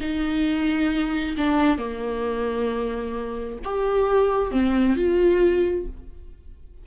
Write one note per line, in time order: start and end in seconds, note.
0.00 1.35 D#4
1.37 1.78 D4
1.78 3.58 A#3
3.64 4.51 G4
4.51 4.96 C4
4.96 5.86 F4